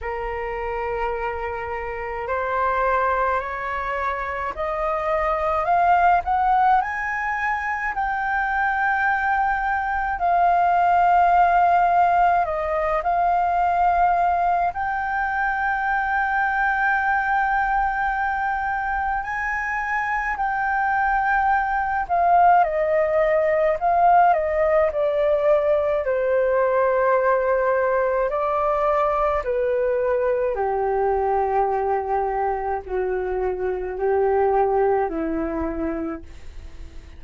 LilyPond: \new Staff \with { instrumentName = "flute" } { \time 4/4 \tempo 4 = 53 ais'2 c''4 cis''4 | dis''4 f''8 fis''8 gis''4 g''4~ | g''4 f''2 dis''8 f''8~ | f''4 g''2.~ |
g''4 gis''4 g''4. f''8 | dis''4 f''8 dis''8 d''4 c''4~ | c''4 d''4 b'4 g'4~ | g'4 fis'4 g'4 e'4 | }